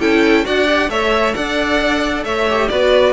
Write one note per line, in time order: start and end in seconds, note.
0.00 0.45 C#4
0.00 0.44 E4
0.00 0.45 A4
0.00 0.45 G5
0.44 0.89 D4
0.44 0.66 F#4
0.44 0.89 D5
0.44 0.90 F#5
0.67 0.89 G4
0.89 1.33 A3
0.89 2.46 A4
0.89 1.35 C#5
0.89 1.34 E5
1.34 2.24 D4
1.34 2.24 D5
1.34 2.23 F#5
2.24 2.69 A3
2.24 2.69 C#5
2.24 2.68 E5
2.49 2.71 G4
2.68 3.13 B3
2.68 3.13 F#4
2.68 3.13 B4
2.68 3.13 D5